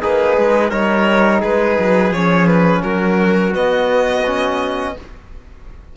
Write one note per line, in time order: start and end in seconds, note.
0.00 0.37 A#3
0.00 0.69 D#4
0.00 0.71 G#4
0.00 0.70 B4
0.37 0.71 G#3
0.69 1.42 G3
0.69 2.12 D#4
0.69 1.40 A#4
0.69 1.41 C#5
1.40 1.78 G#3
1.40 2.81 G#4
1.40 2.13 B4
1.79 2.11 F#3
2.11 2.81 F3
2.11 3.52 C#4
2.11 2.46 C#5
2.46 2.82 B4
2.82 3.55 F#3
2.82 4.94 F#4
2.82 3.53 A#4
3.52 4.23 B3
3.52 4.96 B3
3.52 4.96 D#5
4.26 4.96 C#4